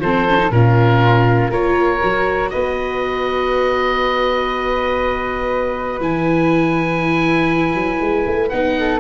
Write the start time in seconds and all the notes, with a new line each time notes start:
0.00 F3 C4 A4 C5
0.29 C#4
0.38 D#4
0.51 A#2 C#4 F4 A#4
1.50 A#3 F4 A#4 C#5
2.02 F#3 F#4
2.50 B3 B4 D#5
6.00 E3 E4 G#5
7.74 F#3
8.01 G#3
8.26 A3
8.49 B3 D#4 F#5
8.79 A4